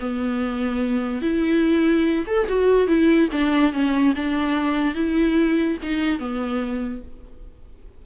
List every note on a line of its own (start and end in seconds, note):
0.00 1.22 B3
1.22 2.26 E4
2.27 2.48 A4
2.49 2.88 F#4
2.88 3.29 E4
3.32 3.73 D4
3.73 4.14 C#4
4.16 4.95 D4
4.95 5.78 E4
5.83 6.19 D#4
6.19 7.02 B3